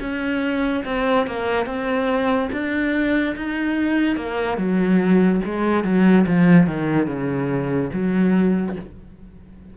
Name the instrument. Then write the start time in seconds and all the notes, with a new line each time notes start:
cello
0.00 C#4
0.84 C4
1.26 A#3
1.66 C4
2.52 D4
3.35 D#4
4.16 A#3
4.57 F#3
5.44 G#3
5.84 F#3
6.26 F3
6.66 D#3
7.06 C#3
7.92 F#3